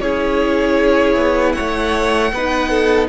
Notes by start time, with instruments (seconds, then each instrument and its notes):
0.00 cello C#4, viola E4, violin G#4 C#5
1.16 cello B3
1.53 violin C#5 F#5
1.60 cello A3
2.32 cello B3, viola D#4, violin B4
2.69 violin A4